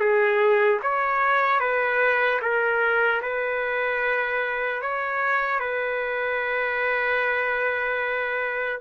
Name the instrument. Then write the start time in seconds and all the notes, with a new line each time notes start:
trumpet
0.00 G#4
0.83 C#5
1.60 B4
2.41 A#4
3.22 B4
4.82 C#5
5.60 B4